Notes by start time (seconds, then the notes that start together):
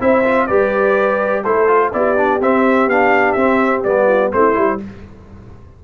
0.00 C4 E4 C5 E5
0.24 F4
0.47 G3 G4 B4 D5
1.44 A3 E4 A4 C5
1.67 F4
1.93 B3 E4 G4 D5
2.17 D4
2.40 C4 E5
2.87 B3 D4 F5
3.32 C4 E5
3.83 G3 B3 D5
4.07 F4
4.32 A3 C4 E4 C5
4.54 G3 E4